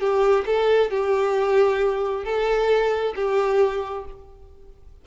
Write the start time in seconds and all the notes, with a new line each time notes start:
0.00 G4
0.46 A4
0.91 G4
2.24 A4
3.16 G4